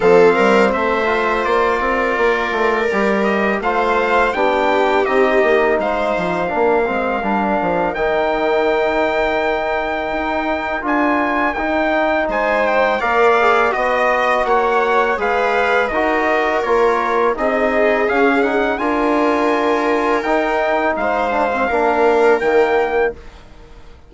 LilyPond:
<<
  \new Staff \with { instrumentName = "trumpet" } { \time 4/4 \tempo 4 = 83 f''4 e''4 d''2~ | d''8 dis''8 f''4 g''4 dis''4 | f''2. g''4~ | g''2. gis''4 |
g''4 gis''8 g''8 f''4 dis''4 | fis''4 f''4 dis''4 cis''4 | dis''4 f''8 fis''8 gis''2 | g''4 f''2 g''4 | }
  \new Staff \with { instrumentName = "viola" } { \time 4/4 a'8 ais'8 c''4. ais'4.~ | ais'4 c''4 g'2 | c''4 ais'2.~ | ais'1~ |
ais'4 c''4 d''4 dis''4 | cis''4 b'4 ais'2 | gis'2 ais'2~ | ais'4 c''4 ais'2 | }
  \new Staff \with { instrumentName = "trombone" } { \time 4/4 c'4. f'2~ f'8 | g'4 f'4 d'4 dis'4~ | dis'4 d'8 c'8 d'4 dis'4~ | dis'2. f'4 |
dis'2 ais'8 gis'8 fis'4~ | fis'4 gis'4 fis'4 f'4 | dis'4 cis'8 dis'8 f'2 | dis'4. d'16 c'16 d'4 ais4 | }
  \new Staff \with { instrumentName = "bassoon" } { \time 4/4 f8 g8 a4 ais8 c'8 ais8 a8 | g4 a4 b4 c'8 ais8 | gis8 f8 ais8 gis8 g8 f8 dis4~ | dis2 dis'4 d'4 |
dis'4 gis4 ais4 b4 | ais4 gis4 dis'4 ais4 | c'4 cis'4 d'2 | dis'4 gis4 ais4 dis4 | }
>>